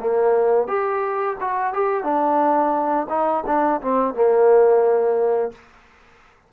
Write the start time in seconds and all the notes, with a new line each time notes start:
0.00 A#3
0.68 G4
1.41 F#4
1.74 G4
2.04 D4
3.10 D#4
3.47 D4
3.82 C4
4.15 A#3